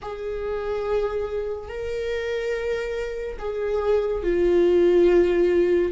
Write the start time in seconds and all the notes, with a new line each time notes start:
0.02 G#4
1.68 A#4
3.38 G#4
4.23 F4